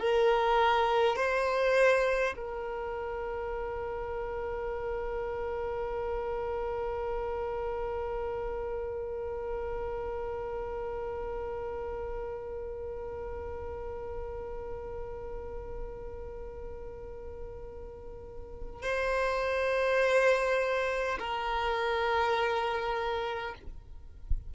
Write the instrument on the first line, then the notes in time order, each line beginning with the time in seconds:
violin
0.00 A#4
1.17 C5
2.37 A#4
18.83 C5
21.19 A#4